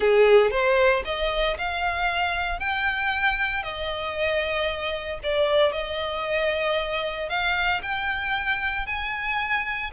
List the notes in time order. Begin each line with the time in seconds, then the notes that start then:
0.00 G#4
0.51 C5
1.05 D#5
1.58 F5
2.59 G5
3.62 D#5
5.23 D5
5.72 D#5
7.29 F5
7.82 G5
8.86 G#5